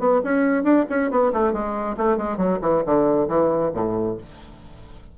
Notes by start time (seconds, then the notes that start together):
0.00 B3
0.25 C#4
0.64 D4
0.90 C#4
1.11 B3
1.33 A3
1.53 G#3
1.98 A3
2.18 G#3
2.38 F#3
2.62 E3
2.86 D3
3.29 E3
3.75 A2